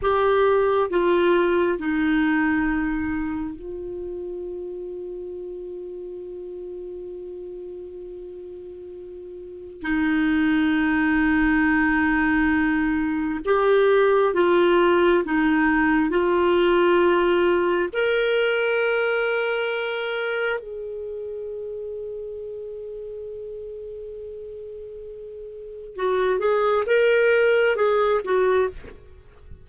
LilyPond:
\new Staff \with { instrumentName = "clarinet" } { \time 4/4 \tempo 4 = 67 g'4 f'4 dis'2 | f'1~ | f'2. dis'4~ | dis'2. g'4 |
f'4 dis'4 f'2 | ais'2. gis'4~ | gis'1~ | gis'4 fis'8 gis'8 ais'4 gis'8 fis'8 | }